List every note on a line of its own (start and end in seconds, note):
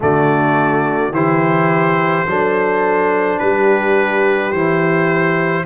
0.00 1.11 D3
0.00 1.12 A3
0.00 1.13 F#4
0.00 1.14 D5
1.11 2.24 E3
1.11 2.26 E4
1.11 2.27 G4
1.11 3.39 C5
2.26 3.39 F#3
2.26 4.53 D4
2.26 3.41 A4
3.39 4.52 G3
3.39 5.65 G4
3.39 4.51 B4
4.51 5.65 E3
4.51 5.65 E4
4.51 5.64 C5